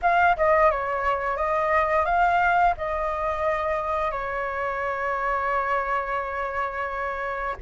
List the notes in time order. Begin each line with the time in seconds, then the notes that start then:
0.02 F5
0.36 D#5
0.71 C#5
1.36 D#5
2.05 F5
2.77 D#5
4.11 C#5